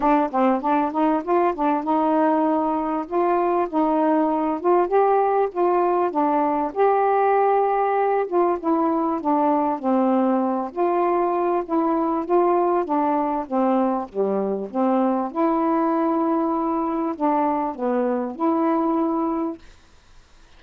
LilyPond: \new Staff \with { instrumentName = "saxophone" } { \time 4/4 \tempo 4 = 98 d'8 c'8 d'8 dis'8 f'8 d'8 dis'4~ | dis'4 f'4 dis'4. f'8 | g'4 f'4 d'4 g'4~ | g'4. f'8 e'4 d'4 |
c'4. f'4. e'4 | f'4 d'4 c'4 g4 | c'4 e'2. | d'4 b4 e'2 | }